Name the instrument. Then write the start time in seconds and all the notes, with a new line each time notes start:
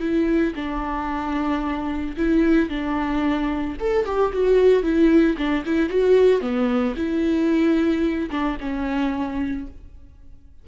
viola
0.00 E4
0.56 D4
2.17 E4
2.70 D4
3.80 A4
4.06 G4
4.33 F#4
4.83 E4
5.38 D4
5.66 E4
5.90 F#4
6.41 B3
6.96 E4
8.31 D4
8.60 C#4